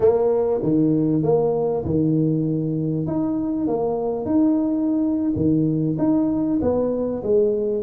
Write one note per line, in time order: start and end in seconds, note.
0.00 0.60 A#3
0.63 1.22 D#3
1.22 1.84 A#3
1.84 3.06 D#3
3.06 3.67 D#4
3.67 4.25 A#3
4.25 5.32 D#4
5.35 5.97 D#3
5.98 6.59 D#4
6.61 7.22 B3
7.23 7.83 G#3